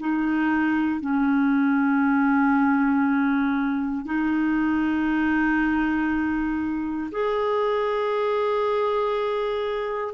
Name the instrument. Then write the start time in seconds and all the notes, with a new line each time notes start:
clarinet
0.00 D#4
1.01 C#4
4.06 D#4
7.12 G#4